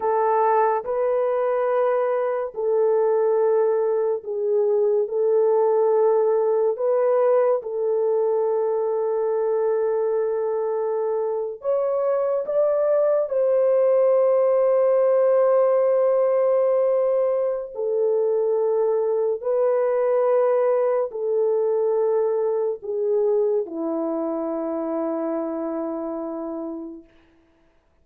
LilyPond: \new Staff \with { instrumentName = "horn" } { \time 4/4 \tempo 4 = 71 a'4 b'2 a'4~ | a'4 gis'4 a'2 | b'4 a'2.~ | a'4.~ a'16 cis''4 d''4 c''16~ |
c''1~ | c''4 a'2 b'4~ | b'4 a'2 gis'4 | e'1 | }